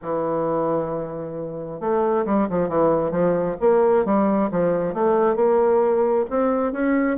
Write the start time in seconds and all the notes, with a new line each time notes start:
0.02 E3
1.80 A3
2.25 G3
2.49 F3
2.68 E3
3.11 F3
3.60 A#3
4.05 G3
4.51 F3
4.94 A3
5.35 A#3
6.30 C4
6.72 C#4